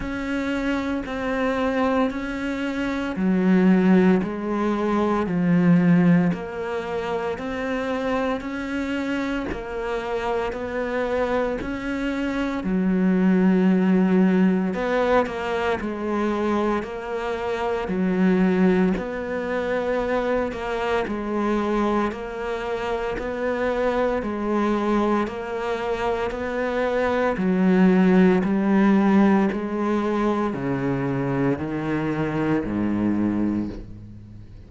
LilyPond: \new Staff \with { instrumentName = "cello" } { \time 4/4 \tempo 4 = 57 cis'4 c'4 cis'4 fis4 | gis4 f4 ais4 c'4 | cis'4 ais4 b4 cis'4 | fis2 b8 ais8 gis4 |
ais4 fis4 b4. ais8 | gis4 ais4 b4 gis4 | ais4 b4 fis4 g4 | gis4 cis4 dis4 gis,4 | }